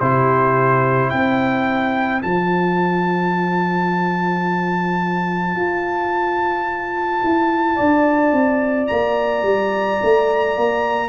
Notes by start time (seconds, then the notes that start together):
0.00 C3 E4 G4 C5
1.10 C4 C5 G5
2.21 F3 F4 A5
5.56 F4
7.24 E4
7.75 D4 D5
8.32 C4
8.87 A#3 A#5
9.43 G3
10.03 A3
10.57 A#3